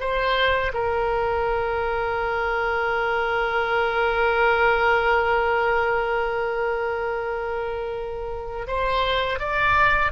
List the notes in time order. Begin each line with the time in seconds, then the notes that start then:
0.00 C5
0.74 A#4
8.67 C5
9.39 D5